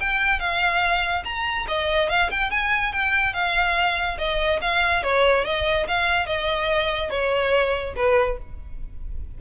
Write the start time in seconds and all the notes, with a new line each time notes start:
0.00 G5
0.39 F5
1.24 A#5
1.68 D#5
2.09 F5
2.31 G5
2.50 G#5
2.93 G5
3.33 F5
4.18 D#5
4.61 F5
5.03 C#5
5.45 D#5
5.88 F5
6.26 D#5
7.10 C#5
7.96 B4